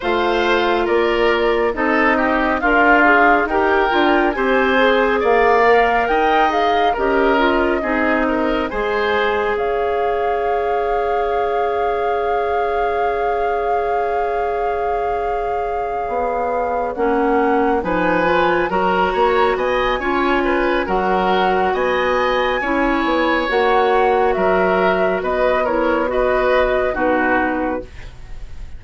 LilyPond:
<<
  \new Staff \with { instrumentName = "flute" } { \time 4/4 \tempo 4 = 69 f''4 d''4 dis''4 f''4 | g''4 gis''4 f''4 g''8 f''8 | dis''2 gis''4 f''4~ | f''1~ |
f''2.~ f''8 fis''8~ | fis''8 gis''4 ais''4 gis''4. | fis''4 gis''2 fis''4 | e''4 dis''8 cis''8 dis''4 b'4 | }
  \new Staff \with { instrumentName = "oboe" } { \time 4/4 c''4 ais'4 a'8 g'8 f'4 | ais'4 c''4 d''4 dis''4 | ais'4 gis'8 ais'8 c''4 cis''4~ | cis''1~ |
cis''1~ | cis''8 b'4 ais'8 cis''8 dis''8 cis''8 b'8 | ais'4 dis''4 cis''2 | ais'4 b'8 ais'8 b'4 fis'4 | }
  \new Staff \with { instrumentName = "clarinet" } { \time 4/4 f'2 dis'4 ais'8 gis'8 | g'8 f'8 g'8 gis'4 ais'4 gis'8 | g'8 f'8 dis'4 gis'2~ | gis'1~ |
gis'2.~ gis'8 cis'8~ | cis'8 dis'8 f'8 fis'4. f'4 | fis'2 e'4 fis'4~ | fis'4. e'8 fis'4 dis'4 | }
  \new Staff \with { instrumentName = "bassoon" } { \time 4/4 a4 ais4 c'4 d'4 | dis'8 d'8 c'4 ais4 dis'4 | cis'4 c'4 gis4 cis'4~ | cis'1~ |
cis'2~ cis'8 b4 ais8~ | ais8 f4 fis8 ais8 b8 cis'4 | fis4 b4 cis'8 b8 ais4 | fis4 b2 b,4 | }
>>